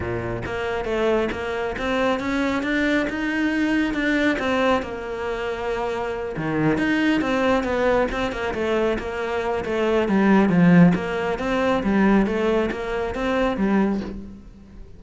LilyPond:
\new Staff \with { instrumentName = "cello" } { \time 4/4 \tempo 4 = 137 ais,4 ais4 a4 ais4 | c'4 cis'4 d'4 dis'4~ | dis'4 d'4 c'4 ais4~ | ais2~ ais8 dis4 dis'8~ |
dis'8 c'4 b4 c'8 ais8 a8~ | a8 ais4. a4 g4 | f4 ais4 c'4 g4 | a4 ais4 c'4 g4 | }